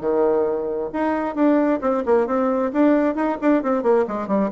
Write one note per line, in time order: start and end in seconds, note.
0.00 0.90 D#3
0.92 1.35 D#4
1.35 1.80 D4
1.81 2.03 C4
2.05 2.26 A#3
2.26 2.71 C4
2.73 3.15 D4
3.15 3.37 D#4
3.41 3.63 D4
3.63 3.83 C4
3.83 4.05 A#3
4.07 4.27 G#3
4.27 4.50 G3